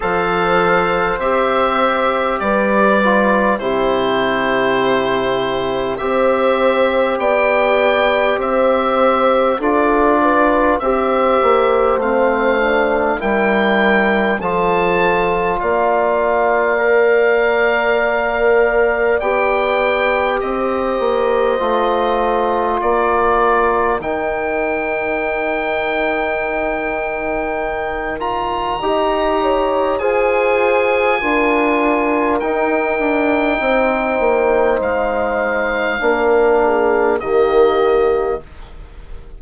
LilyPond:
<<
  \new Staff \with { instrumentName = "oboe" } { \time 4/4 \tempo 4 = 50 f''4 e''4 d''4 c''4~ | c''4 e''4 g''4 e''4 | d''4 e''4 f''4 g''4 | a''4 f''2. |
g''4 dis''2 d''4 | g''2.~ g''8 ais''8~ | ais''4 gis''2 g''4~ | g''4 f''2 dis''4 | }
  \new Staff \with { instrumentName = "horn" } { \time 4/4 c''2 b'4 g'4~ | g'4 c''4 d''4 c''4 | a'8 b'8 c''2 ais'4 | a'4 d''2.~ |
d''4 c''2 ais'4~ | ais'1 | dis''8 cis''8 c''4 ais'2 | c''2 ais'8 gis'8 g'4 | }
  \new Staff \with { instrumentName = "trombone" } { \time 4/4 a'4 g'4. f'8 e'4~ | e'4 g'2. | f'4 g'4 c'8 d'8 e'4 | f'2 ais'2 |
g'2 f'2 | dis'2.~ dis'8 f'8 | g'4 gis'4 f'4 dis'4~ | dis'2 d'4 ais4 | }
  \new Staff \with { instrumentName = "bassoon" } { \time 4/4 f4 c'4 g4 c4~ | c4 c'4 b4 c'4 | d'4 c'8 ais8 a4 g4 | f4 ais2. |
b4 c'8 ais8 a4 ais4 | dis1 | dis'4 f'4 d'4 dis'8 d'8 | c'8 ais8 gis4 ais4 dis4 | }
>>